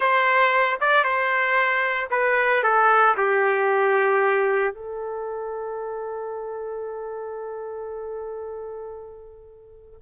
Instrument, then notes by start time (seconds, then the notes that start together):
trumpet
0.00 C5
0.80 D5
1.04 C5
2.10 B4
2.63 A4
3.17 G4
4.74 A4